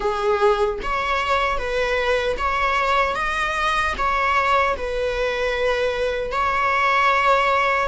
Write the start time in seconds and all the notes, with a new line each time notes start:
0.00 G#4
0.82 C#5
1.58 B4
2.37 C#5
3.15 D#5
3.97 C#5
4.76 B4
6.31 C#5